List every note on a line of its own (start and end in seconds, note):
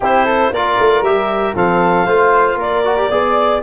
0.00 0.50 C4
0.00 0.54 E4
0.00 0.24 G4
0.00 0.53 C5
0.24 0.50 A4
0.50 0.76 A#3
0.50 1.04 F4
0.50 1.55 A#4
0.50 1.03 D5
0.79 1.01 A3
1.01 1.53 G3
1.01 1.55 G4
1.01 1.55 E5
1.55 2.06 F3
1.55 2.07 C4
1.55 2.05 A4
1.55 2.59 F5
2.05 2.55 A3
2.05 2.84 F4
2.05 2.57 C5
2.55 3.07 A#3
2.55 3.09 A#4
2.55 3.62 D5
2.84 2.96 F#4
2.96 3.09 G4
3.09 3.62 B3
3.09 3.62 G#4
3.09 3.60 D5